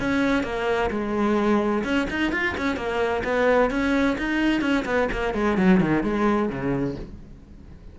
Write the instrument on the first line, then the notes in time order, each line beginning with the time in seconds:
cello
0.00 C#4
0.43 A#3
0.90 G#3
1.84 C#4
2.10 D#4
2.32 F4
2.58 C#4
2.76 A#3
3.24 B3
3.70 C#4
4.18 D#4
4.61 C#4
4.85 B3
5.12 A#3
5.34 G#3
5.57 F#3
5.81 D#3
6.03 G#3
6.49 C#3